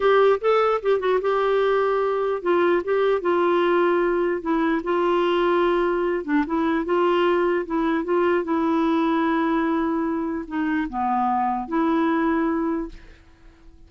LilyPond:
\new Staff \with { instrumentName = "clarinet" } { \time 4/4 \tempo 4 = 149 g'4 a'4 g'8 fis'8 g'4~ | g'2 f'4 g'4 | f'2. e'4 | f'2.~ f'8 d'8 |
e'4 f'2 e'4 | f'4 e'2.~ | e'2 dis'4 b4~ | b4 e'2. | }